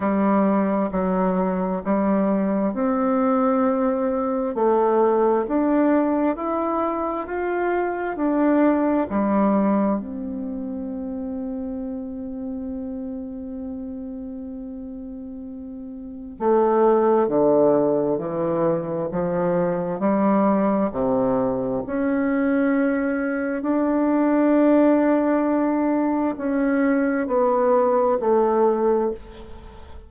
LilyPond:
\new Staff \with { instrumentName = "bassoon" } { \time 4/4 \tempo 4 = 66 g4 fis4 g4 c'4~ | c'4 a4 d'4 e'4 | f'4 d'4 g4 c'4~ | c'1~ |
c'2 a4 d4 | e4 f4 g4 c4 | cis'2 d'2~ | d'4 cis'4 b4 a4 | }